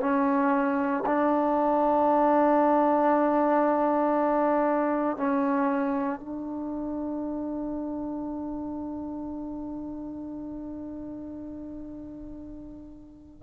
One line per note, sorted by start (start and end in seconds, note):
0.00 1.03 C#4
1.05 5.17 D4
5.17 6.19 C#4
6.19 13.42 D4